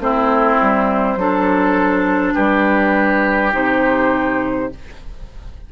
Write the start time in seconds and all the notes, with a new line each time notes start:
0.00 A3 C4 E4 C5
0.62 G3
1.16 F#3 D4 A4
2.35 G3 G4 B4
3.53 C3 D#4 C5